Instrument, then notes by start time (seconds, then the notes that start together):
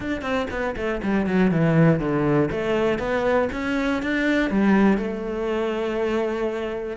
cello
0.00 D4
0.21 C4
0.50 B3
0.76 A3
1.02 G3
1.26 F#3
1.51 E3
1.99 D3
2.51 A3
2.99 B3
3.52 C#4
4.02 D4
4.50 G3
4.97 A3